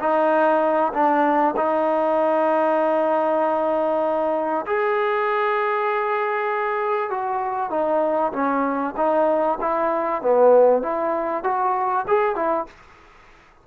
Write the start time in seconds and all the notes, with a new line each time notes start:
0.00 D#4
0.94 D4
1.57 D#4
4.67 G#4
7.10 F#4
7.71 D#4
8.33 C#4
8.97 D#4
9.61 E4
10.23 B3
10.83 E4
11.44 F#4
12.08 G#4
12.36 E4